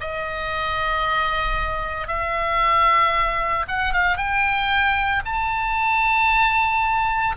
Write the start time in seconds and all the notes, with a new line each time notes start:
0.00 D#5
2.07 E5
3.67 F#5
3.93 F5
4.17 G5
5.25 A5